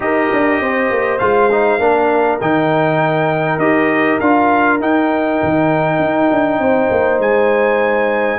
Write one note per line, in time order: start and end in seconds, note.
0.00 0.30 D#4
0.00 1.19 G4
0.00 0.62 A#4
0.00 1.18 D#5
0.32 0.60 D4
0.60 0.90 C4
0.60 1.80 C5
0.90 1.20 A#3
1.18 1.79 G#3
1.18 1.49 F4
1.18 2.38 F5
1.51 1.80 D#4
1.79 2.39 A#3
1.79 2.40 D4
1.79 6.60 A#4
2.40 3.58 D#3
2.40 3.60 D#4
2.40 3.59 G5
3.58 4.17 D#4
3.58 4.20 G4
3.58 4.19 D#5
4.20 4.80 D4
4.20 4.80 F4
4.20 4.79 F5
4.80 5.40 D#4
4.80 8.38 D#4
4.80 7.21 G5
5.42 5.99 D#3
5.99 6.29 D#4
6.31 6.58 D4
6.58 6.88 C4
6.58 8.38 C5
6.90 7.19 A#3
7.19 8.38 G#3
7.19 8.38 G#5